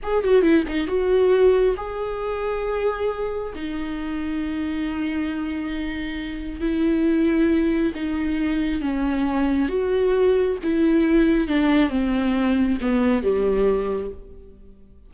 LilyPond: \new Staff \with { instrumentName = "viola" } { \time 4/4 \tempo 4 = 136 gis'8 fis'8 e'8 dis'8 fis'2 | gis'1 | dis'1~ | dis'2. e'4~ |
e'2 dis'2 | cis'2 fis'2 | e'2 d'4 c'4~ | c'4 b4 g2 | }